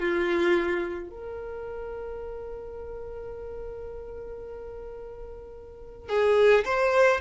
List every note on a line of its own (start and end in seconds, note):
0.00 1.10 F4
1.10 6.09 A#4
6.09 6.65 G#4
6.65 7.21 C5